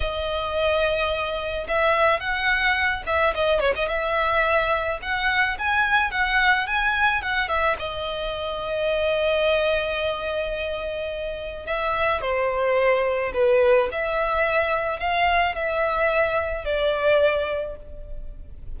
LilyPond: \new Staff \with { instrumentName = "violin" } { \time 4/4 \tempo 4 = 108 dis''2. e''4 | fis''4. e''8 dis''8 cis''16 dis''16 e''4~ | e''4 fis''4 gis''4 fis''4 | gis''4 fis''8 e''8 dis''2~ |
dis''1~ | dis''4 e''4 c''2 | b'4 e''2 f''4 | e''2 d''2 | }